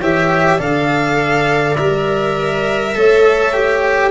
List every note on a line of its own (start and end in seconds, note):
0.00 0.59 E3
0.00 0.58 G4
0.00 0.58 C#5
0.00 0.61 E5
0.58 1.77 D3
0.58 1.75 A4
0.58 2.93 D5
0.58 1.76 F5
1.76 2.96 G3
1.76 2.95 A#4
1.76 4.11 E5
2.95 4.11 A3
2.95 3.53 A4
2.95 4.11 C#5
3.53 4.11 G4